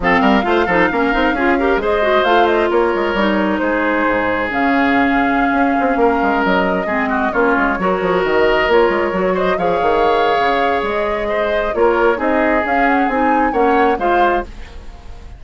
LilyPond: <<
  \new Staff \with { instrumentName = "flute" } { \time 4/4 \tempo 4 = 133 f''1 | dis''4 f''8 dis''8 cis''2 | c''2 f''2~ | f''2~ f''16 dis''4.~ dis''16~ |
dis''16 cis''2 dis''4 cis''8.~ | cis''8. dis''8 f''2~ f''8. | dis''2 cis''4 dis''4 | f''8 fis''8 gis''4 fis''4 f''4 | }
  \new Staff \with { instrumentName = "oboe" } { \time 4/4 a'8 ais'8 c''8 a'8 ais'4 gis'8 ais'8 | c''2 ais'2 | gis'1~ | gis'4~ gis'16 ais'2 gis'8 fis'16~ |
fis'16 f'4 ais'2~ ais'8.~ | ais'8. c''8 cis''2~ cis''8.~ | cis''4 c''4 ais'4 gis'4~ | gis'2 cis''4 c''4 | }
  \new Staff \with { instrumentName = "clarinet" } { \time 4/4 c'4 f'8 dis'8 cis'8 dis'8 f'8 g'8 | gis'8 fis'8 f'2 dis'4~ | dis'2 cis'2~ | cis'2.~ cis'16 c'8.~ |
c'16 cis'4 fis'2 f'8.~ | f'16 fis'4 gis'2~ gis'8.~ | gis'2 f'4 dis'4 | cis'4 dis'4 cis'4 f'4 | }
  \new Staff \with { instrumentName = "bassoon" } { \time 4/4 f8 g8 a8 f8 ais8 c'8 cis'4 | gis4 a4 ais8 gis8 g4 | gis4 gis,4 cis2~ | cis16 cis'8 c'8 ais8 gis8 fis4 gis8.~ |
gis16 ais8 gis8 fis8 f8 dis4 ais8 gis16~ | gis16 fis4 f8 dis4~ dis16 cis4 | gis2 ais4 c'4 | cis'4 c'4 ais4 gis4 | }
>>